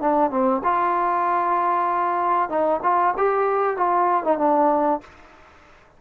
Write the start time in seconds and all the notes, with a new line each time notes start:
0.00 D4
0.30 C4
0.63 F4
2.49 D#4
2.83 F4
3.17 G4
3.77 F4
4.24 D#4
4.38 D4